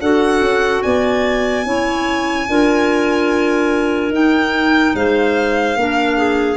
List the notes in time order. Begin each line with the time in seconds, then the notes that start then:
0.00 D4 F#4 A4 F#5
0.40 C#4
0.82 B3 D5 G#5
1.64 C#4 E4 C#5
2.48 D4 F4 A#4
4.09 D#4 G5
4.94 G#3 C5 F5
5.75 A#3 D4 A#4
6.16 G#4